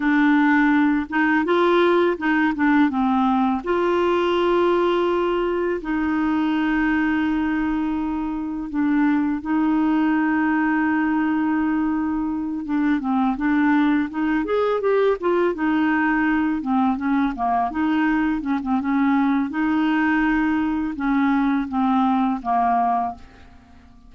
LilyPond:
\new Staff \with { instrumentName = "clarinet" } { \time 4/4 \tempo 4 = 83 d'4. dis'8 f'4 dis'8 d'8 | c'4 f'2. | dis'1 | d'4 dis'2.~ |
dis'4. d'8 c'8 d'4 dis'8 | gis'8 g'8 f'8 dis'4. c'8 cis'8 | ais8 dis'4 cis'16 c'16 cis'4 dis'4~ | dis'4 cis'4 c'4 ais4 | }